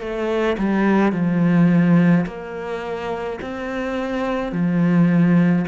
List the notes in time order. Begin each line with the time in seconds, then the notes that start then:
0.00 A3
0.58 G3
1.12 F3
2.26 A#3
3.41 C4
4.52 F3